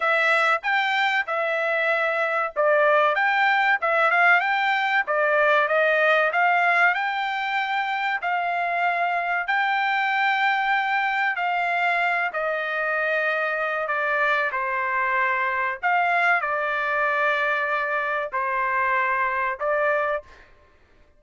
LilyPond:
\new Staff \with { instrumentName = "trumpet" } { \time 4/4 \tempo 4 = 95 e''4 g''4 e''2 | d''4 g''4 e''8 f''8 g''4 | d''4 dis''4 f''4 g''4~ | g''4 f''2 g''4~ |
g''2 f''4. dis''8~ | dis''2 d''4 c''4~ | c''4 f''4 d''2~ | d''4 c''2 d''4 | }